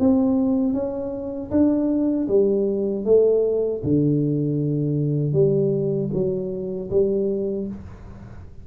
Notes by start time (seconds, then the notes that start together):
0.00 C4
0.74 C#4
1.51 D4
2.28 G3
3.05 A3
3.84 D3
5.34 G3
6.14 F#3
6.91 G3